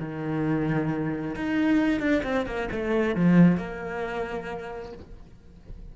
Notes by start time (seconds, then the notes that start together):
0.00 D#3
1.36 D#4
2.00 D4
2.24 C4
2.46 A#3
2.72 A3
3.15 F3
3.57 A#3